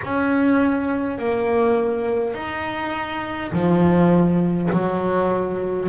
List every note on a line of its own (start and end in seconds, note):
0.03 1.18 C#4
1.18 2.34 A#3
2.34 3.51 D#4
3.52 4.70 F3
4.72 5.88 F#3